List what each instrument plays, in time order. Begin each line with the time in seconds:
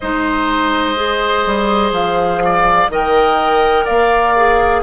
0.00 bassoon G#3, clarinet D#4, oboe C5, flute D#5
0.95 clarinet G#4
1.46 bassoon G3
1.91 bassoon F3, flute F5
2.44 oboe D5
2.88 bassoon D#3, clarinet A#4, oboe D#5, flute G5
3.84 bassoon A#3, oboe D5, flute F5
4.36 clarinet G#4